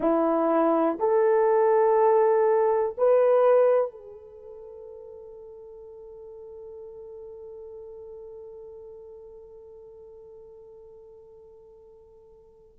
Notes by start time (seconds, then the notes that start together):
0.00 E4
0.99 A4
2.97 B4
3.91 A4